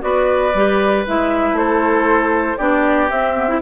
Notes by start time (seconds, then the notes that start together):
0.00 B3 F#4 B4 D5
0.54 G3 G4
1.07 G#3 E4 E5
1.52 A3 A4 C5
2.57 B3 D4 G4 D5
3.09 C4 E5
3.35 B3
3.48 E4